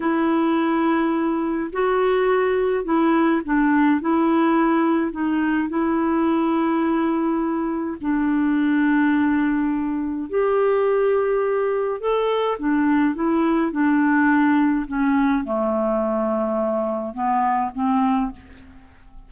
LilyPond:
\new Staff \with { instrumentName = "clarinet" } { \time 4/4 \tempo 4 = 105 e'2. fis'4~ | fis'4 e'4 d'4 e'4~ | e'4 dis'4 e'2~ | e'2 d'2~ |
d'2 g'2~ | g'4 a'4 d'4 e'4 | d'2 cis'4 a4~ | a2 b4 c'4 | }